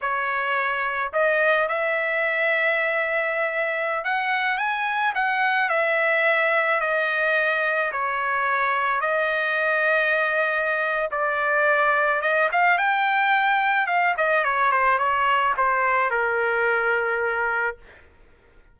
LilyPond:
\new Staff \with { instrumentName = "trumpet" } { \time 4/4 \tempo 4 = 108 cis''2 dis''4 e''4~ | e''2.~ e''16 fis''8.~ | fis''16 gis''4 fis''4 e''4.~ e''16~ | e''16 dis''2 cis''4.~ cis''16~ |
cis''16 dis''2.~ dis''8. | d''2 dis''8 f''8 g''4~ | g''4 f''8 dis''8 cis''8 c''8 cis''4 | c''4 ais'2. | }